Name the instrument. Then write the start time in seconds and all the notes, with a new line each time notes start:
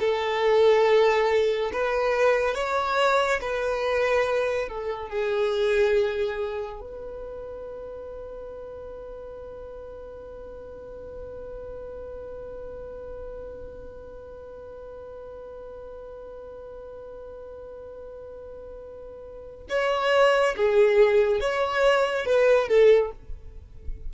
violin
0.00 A4
1.73 B4
2.55 C#5
3.41 B4
4.69 A4
5.09 G#4
6.81 B4
19.69 C#5
20.56 G#4
21.41 C#5
22.25 B4
22.68 A4